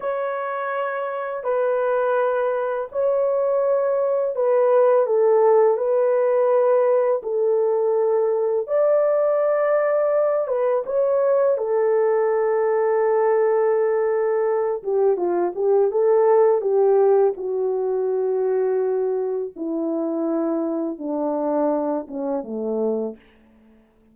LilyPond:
\new Staff \with { instrumentName = "horn" } { \time 4/4 \tempo 4 = 83 cis''2 b'2 | cis''2 b'4 a'4 | b'2 a'2 | d''2~ d''8 b'8 cis''4 |
a'1~ | a'8 g'8 f'8 g'8 a'4 g'4 | fis'2. e'4~ | e'4 d'4. cis'8 a4 | }